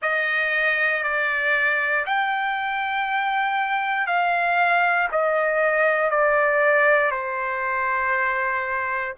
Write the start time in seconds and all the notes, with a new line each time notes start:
0.01 D#5
1.03 D5
2.06 G5
4.06 F5
5.11 D#5
6.10 D5
7.11 C5